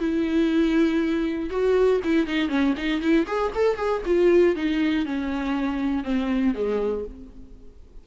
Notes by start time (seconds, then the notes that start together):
0.00 E4
1.50 F#4
2.05 E4
2.27 D#4
2.49 C#4
2.78 D#4
3.02 E4
3.27 G#4
3.55 A4
3.77 G#4
4.06 F4
4.56 D#4
5.06 C#4
6.04 C4
6.55 G#3